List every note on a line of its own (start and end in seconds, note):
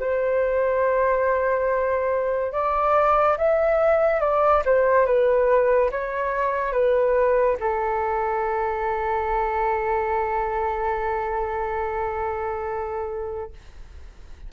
0.00 2.52 C5
2.52 3.37 D5
3.38 4.21 E5
4.21 4.63 D5
4.65 5.06 C5
5.06 5.90 B4
5.91 6.72 C#5
6.72 7.57 B4
7.60 13.52 A4